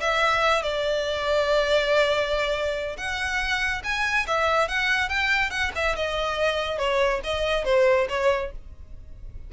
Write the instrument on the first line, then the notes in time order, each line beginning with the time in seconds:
violin
0.00 E5
0.62 D5
2.97 F#5
3.83 G#5
4.26 E5
4.68 F#5
5.09 G5
5.50 F#5
5.75 E5
5.95 D#5
6.78 C#5
7.23 D#5
7.64 C5
8.09 C#5